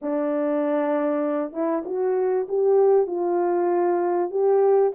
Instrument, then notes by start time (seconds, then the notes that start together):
horn
0.02 D4
1.52 E4
1.85 F#4
2.48 G4
3.06 F4
4.30 G4